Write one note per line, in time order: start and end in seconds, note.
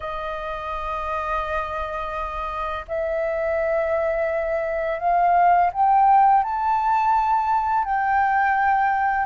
0.00 2.85 D#5
2.87 4.99 E5
4.99 5.70 F5
5.72 6.43 G5
6.43 7.84 A5
7.84 9.26 G5